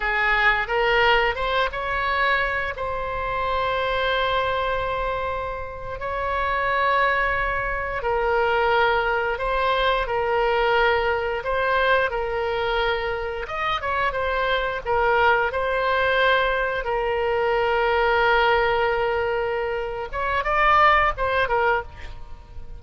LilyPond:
\new Staff \with { instrumentName = "oboe" } { \time 4/4 \tempo 4 = 88 gis'4 ais'4 c''8 cis''4. | c''1~ | c''8. cis''2. ais'16~ | ais'4.~ ais'16 c''4 ais'4~ ais'16~ |
ais'8. c''4 ais'2 dis''16~ | dis''16 cis''8 c''4 ais'4 c''4~ c''16~ | c''8. ais'2.~ ais'16~ | ais'4. cis''8 d''4 c''8 ais'8 | }